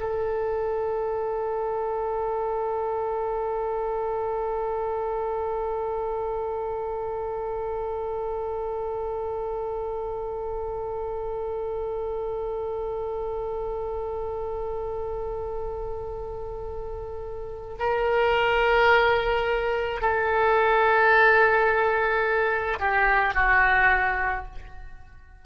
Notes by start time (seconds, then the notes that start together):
0.00 A4
17.79 A#4
20.01 A4
22.79 G4
23.34 F#4